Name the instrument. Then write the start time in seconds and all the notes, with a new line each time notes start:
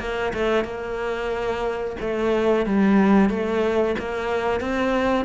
cello
0.00 A#3
0.34 A3
0.65 A#3
2.00 A3
2.66 G3
3.30 A3
3.99 A#3
4.61 C4